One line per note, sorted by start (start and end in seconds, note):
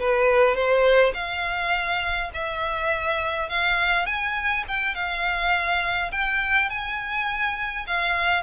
0.00 0.55 B4
0.55 1.13 C5
1.14 2.30 F5
2.34 3.49 E5
3.49 4.06 F5
4.06 4.64 G#5
4.68 4.95 G5
4.95 6.11 F5
6.12 6.69 G5
6.69 7.86 G#5
7.87 8.43 F5